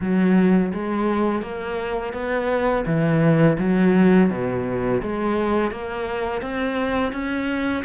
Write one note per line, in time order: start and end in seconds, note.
0.00 0.72 F#3
0.73 1.42 G#3
1.42 2.13 A#3
2.13 2.84 B3
2.85 3.57 E3
3.58 4.30 F#3
4.30 5.01 B2
5.02 5.71 G#3
5.71 6.41 A#3
6.41 7.12 C4
7.12 7.83 C#4